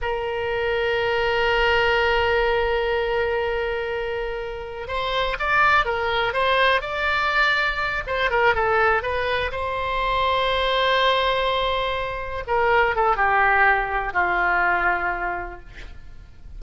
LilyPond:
\new Staff \with { instrumentName = "oboe" } { \time 4/4 \tempo 4 = 123 ais'1~ | ais'1~ | ais'2 c''4 d''4 | ais'4 c''4 d''2~ |
d''8 c''8 ais'8 a'4 b'4 c''8~ | c''1~ | c''4. ais'4 a'8 g'4~ | g'4 f'2. | }